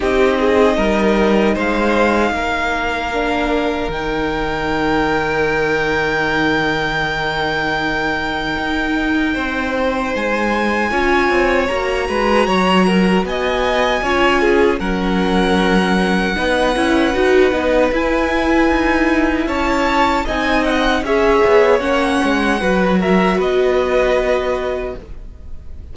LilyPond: <<
  \new Staff \with { instrumentName = "violin" } { \time 4/4 \tempo 4 = 77 dis''2 f''2~ | f''4 g''2.~ | g''1~ | g''4 gis''2 ais''4~ |
ais''4 gis''2 fis''4~ | fis''2. gis''4~ | gis''4 a''4 gis''8 fis''8 e''4 | fis''4. e''8 dis''2 | }
  \new Staff \with { instrumentName = "violin" } { \time 4/4 g'8 gis'8 ais'4 c''4 ais'4~ | ais'1~ | ais'1 | c''2 cis''4. b'8 |
cis''8 ais'8 dis''4 cis''8 gis'8 ais'4~ | ais'4 b'2.~ | b'4 cis''4 dis''4 cis''4~ | cis''4 b'8 ais'8 b'2 | }
  \new Staff \with { instrumentName = "viola" } { \time 4/4 dis'1 | d'4 dis'2.~ | dis'1~ | dis'2 f'4 fis'4~ |
fis'2 f'4 cis'4~ | cis'4 dis'8 e'8 fis'8 dis'8 e'4~ | e'2 dis'4 gis'4 | cis'4 fis'2. | }
  \new Staff \with { instrumentName = "cello" } { \time 4/4 c'4 g4 gis4 ais4~ | ais4 dis2.~ | dis2. dis'4 | c'4 gis4 cis'8 c'8 ais8 gis8 |
fis4 b4 cis'4 fis4~ | fis4 b8 cis'8 dis'8 b8 e'4 | dis'4 cis'4 c'4 cis'8 b8 | ais8 gis8 fis4 b2 | }
>>